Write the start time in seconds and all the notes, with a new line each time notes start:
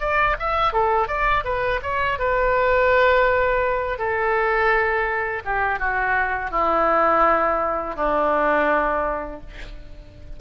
0.00 D5
0.39 E5
0.73 A4
1.07 D5
1.45 B4
1.83 C#5
2.19 B4
3.98 A4
5.45 G4
5.79 F#4
6.51 E4
7.96 D4